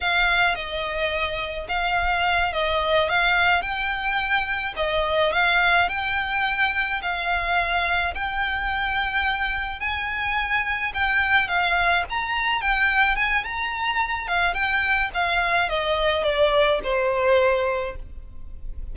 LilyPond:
\new Staff \with { instrumentName = "violin" } { \time 4/4 \tempo 4 = 107 f''4 dis''2 f''4~ | f''8 dis''4 f''4 g''4.~ | g''8 dis''4 f''4 g''4.~ | g''8 f''2 g''4.~ |
g''4. gis''2 g''8~ | g''8 f''4 ais''4 g''4 gis''8 | ais''4. f''8 g''4 f''4 | dis''4 d''4 c''2 | }